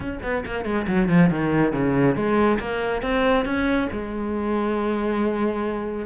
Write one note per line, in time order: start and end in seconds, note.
0.00 0.19 C#4
0.22 0.44 B3
0.45 0.64 A#3
0.64 0.86 G#3
0.87 1.08 F#3
1.08 1.29 F3
1.29 1.72 D#3
1.72 2.15 C#3
2.15 2.58 G#3
2.59 3.02 A#3
3.02 3.45 C4
3.45 3.88 C#4
3.91 6.06 G#3